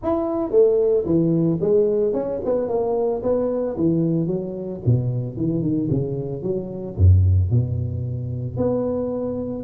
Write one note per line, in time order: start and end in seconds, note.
0.02 0.51 E4
0.51 1.04 A3
1.05 1.59 E3
1.60 2.13 G#3
2.13 2.40 C#4
2.44 2.68 B3
2.68 3.21 A#3
3.23 3.76 B3
3.76 4.26 E3
4.26 4.80 F#3
4.85 5.36 B2
5.36 5.62 E3
5.62 5.89 D#3
5.90 6.42 C#3
6.42 6.95 F#3
6.96 7.50 F#2
7.50 8.56 B2
8.56 9.63 B3